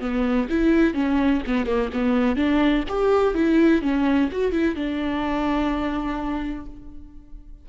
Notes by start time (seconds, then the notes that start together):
0.00 B3
0.49 E4
0.94 C#4
1.46 B3
1.66 A#3
1.93 B3
2.36 D4
2.88 G4
3.34 E4
3.81 C#4
4.31 F#4
4.52 E4
4.75 D4